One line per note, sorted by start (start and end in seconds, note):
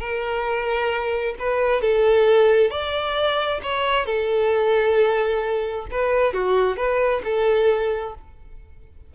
0.00 1.35 A#4
1.39 1.81 B4
1.81 2.70 A4
2.70 3.61 D5
3.63 4.06 C#5
4.06 5.86 A4
5.91 6.33 B4
6.33 6.77 F#4
6.77 7.22 B4
7.24 8.14 A4